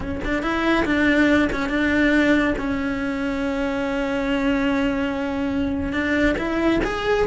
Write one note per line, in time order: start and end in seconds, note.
0.00 0.21 C#4
0.24 0.42 D4
0.42 0.85 E4
0.85 1.49 D4
1.52 1.69 C#4
1.69 2.54 D4
2.57 5.92 C#4
5.92 6.35 D4
6.37 6.80 E4
6.84 7.26 G#4